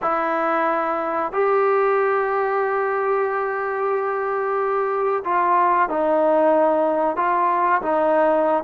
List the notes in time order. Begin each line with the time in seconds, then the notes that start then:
0.02 E4
1.32 G4
5.24 F4
5.89 D#4
7.16 F4
7.82 D#4